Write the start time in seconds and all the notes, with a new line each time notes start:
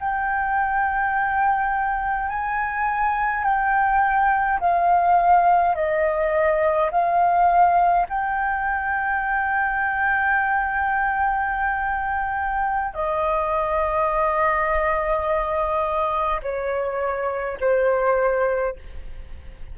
0.00 G5
2.29 G#5
3.44 G5
4.59 F5
5.75 D#5
6.91 F5
8.09 G5
12.94 D#5
16.42 C#5
17.60 C5